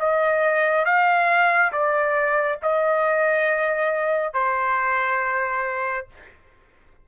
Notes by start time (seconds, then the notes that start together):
0.00 D#5
0.85 F5
1.72 D5
2.62 D#5
4.34 C5